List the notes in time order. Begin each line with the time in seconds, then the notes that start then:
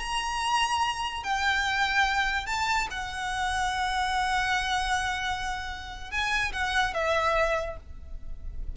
0.00 A#5
1.24 G5
2.47 A5
2.91 F#5
6.11 G#5
6.53 F#5
6.94 E5